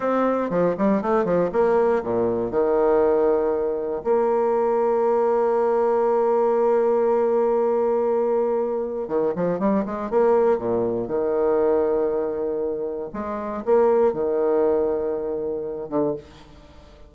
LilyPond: \new Staff \with { instrumentName = "bassoon" } { \time 4/4 \tempo 4 = 119 c'4 f8 g8 a8 f8 ais4 | ais,4 dis2. | ais1~ | ais1~ |
ais2 dis8 f8 g8 gis8 | ais4 ais,4 dis2~ | dis2 gis4 ais4 | dis2.~ dis8 d8 | }